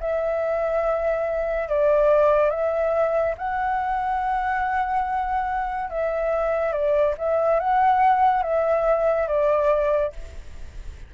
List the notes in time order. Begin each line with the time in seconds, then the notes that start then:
0.00 E5
1.69 D5
2.50 E5
3.37 F#5
5.90 E5
6.72 D5
7.18 E5
7.59 F#5
8.43 E5
9.28 D5